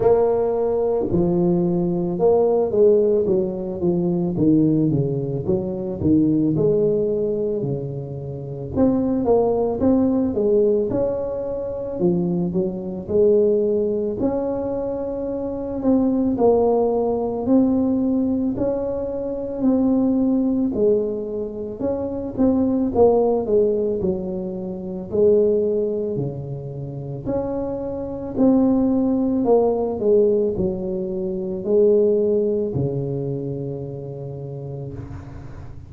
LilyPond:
\new Staff \with { instrumentName = "tuba" } { \time 4/4 \tempo 4 = 55 ais4 f4 ais8 gis8 fis8 f8 | dis8 cis8 fis8 dis8 gis4 cis4 | c'8 ais8 c'8 gis8 cis'4 f8 fis8 | gis4 cis'4. c'8 ais4 |
c'4 cis'4 c'4 gis4 | cis'8 c'8 ais8 gis8 fis4 gis4 | cis4 cis'4 c'4 ais8 gis8 | fis4 gis4 cis2 | }